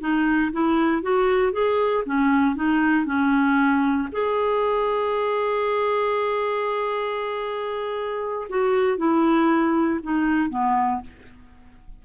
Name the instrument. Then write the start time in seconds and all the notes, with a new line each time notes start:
clarinet
0.00 D#4
0.52 E4
1.02 F#4
1.52 G#4
2.05 C#4
2.55 D#4
3.05 C#4
4.12 G#4
8.49 F#4
8.97 E4
10.02 D#4
10.49 B3